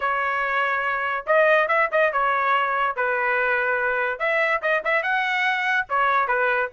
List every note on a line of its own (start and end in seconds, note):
0.00 1.25 C#5
1.26 1.68 D#5
1.68 1.89 E5
1.91 2.12 D#5
2.12 2.95 C#5
2.95 4.19 B4
4.19 4.61 E5
4.62 4.83 D#5
4.84 5.02 E5
5.02 5.86 F#5
5.89 6.27 C#5
6.27 6.69 B4